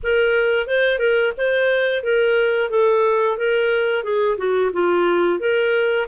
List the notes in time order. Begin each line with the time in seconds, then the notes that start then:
0.03 A#4
0.67 C5
0.99 A#4
1.37 C5
2.03 A#4
2.70 A4
3.37 A#4
4.03 G#4
4.37 F#4
4.73 F4
5.39 A#4